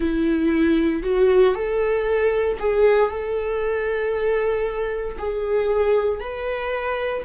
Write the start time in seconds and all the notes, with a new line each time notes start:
0.00 E4
1.03 F#4
1.54 A4
2.59 G#4
3.10 A4
5.18 G#4
6.20 B4